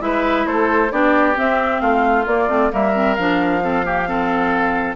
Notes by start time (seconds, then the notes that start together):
0.00 G#3 E4 B4 E5
0.46 A3 A4 C5
0.91 B3 D4 G4 D5
1.35 C4 E5
1.80 A3 F4 F5
2.26 A#3 D5
2.48 A3 C4
2.70 G3 A#3 A#4 E5
2.94 C4
3.14 F3 D4 F5
3.61 C4 A4
3.83 A#3 G4
4.07 C4 A4